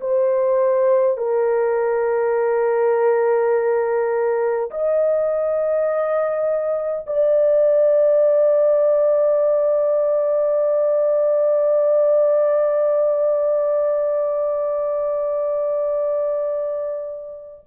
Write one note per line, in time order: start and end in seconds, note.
0.00 1.17 C5
1.17 4.70 A#4
4.70 7.05 D#5
7.06 17.65 D5